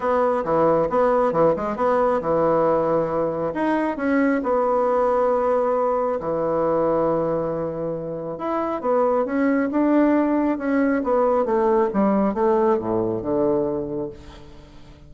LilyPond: \new Staff \with { instrumentName = "bassoon" } { \time 4/4 \tempo 4 = 136 b4 e4 b4 e8 gis8 | b4 e2. | dis'4 cis'4 b2~ | b2 e2~ |
e2. e'4 | b4 cis'4 d'2 | cis'4 b4 a4 g4 | a4 a,4 d2 | }